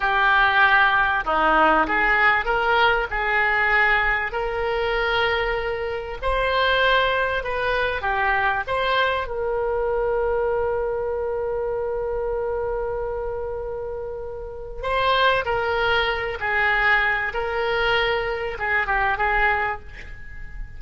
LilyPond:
\new Staff \with { instrumentName = "oboe" } { \time 4/4 \tempo 4 = 97 g'2 dis'4 gis'4 | ais'4 gis'2 ais'4~ | ais'2 c''2 | b'4 g'4 c''4 ais'4~ |
ais'1~ | ais'1 | c''4 ais'4. gis'4. | ais'2 gis'8 g'8 gis'4 | }